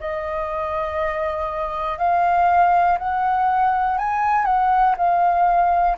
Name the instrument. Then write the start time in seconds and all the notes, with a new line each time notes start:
flute
0.00 D#5
1.99 F5
2.99 F#5
3.99 G#5
4.45 F#5
4.97 F5